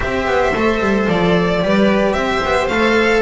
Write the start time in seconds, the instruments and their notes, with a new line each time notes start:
0.00 double bass C4, cello G4, viola C5, violin E5
0.25 double bass B3
0.53 double bass A3, cello A4
0.80 double bass G3
1.08 double bass F3, violin D5
1.62 double bass G3, cello G4, viola B4
2.12 double bass C4, viola C5, violin E5
2.44 double bass B3
2.68 double bass A3, cello A4, violin F5